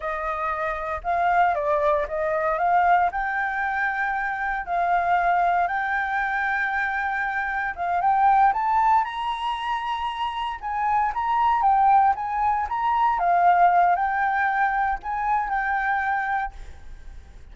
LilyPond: \new Staff \with { instrumentName = "flute" } { \time 4/4 \tempo 4 = 116 dis''2 f''4 d''4 | dis''4 f''4 g''2~ | g''4 f''2 g''4~ | g''2. f''8 g''8~ |
g''8 a''4 ais''2~ ais''8~ | ais''8 gis''4 ais''4 g''4 gis''8~ | gis''8 ais''4 f''4. g''4~ | g''4 gis''4 g''2 | }